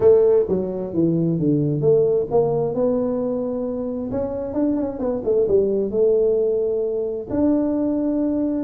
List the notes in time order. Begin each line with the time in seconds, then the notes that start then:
0.00 A3
0.48 F#3
0.93 E3
1.39 D3
1.81 A3
2.31 A#3
2.74 B3
4.11 C#4
4.53 D4
4.76 C#4
4.99 B3
5.24 A3
5.48 G3
5.90 A3
7.30 D4